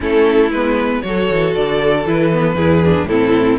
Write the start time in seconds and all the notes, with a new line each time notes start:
0.00 A3 C#4 E4 A4
0.51 G#3 B3 B4
1.01 F#3 F#4 A4 C#5
1.30 E3
1.54 D3 D5
2.05 E3 E4 B4
2.32 B3
2.54 E2 E4 G#4
2.84 D4
3.05 A2 C4 E4 A4